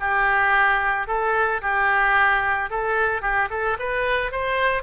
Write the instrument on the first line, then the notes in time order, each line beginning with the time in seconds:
oboe
0.00 G4
1.07 A4
1.61 G4
2.70 A4
3.22 G4
3.50 A4
3.79 B4
4.31 C5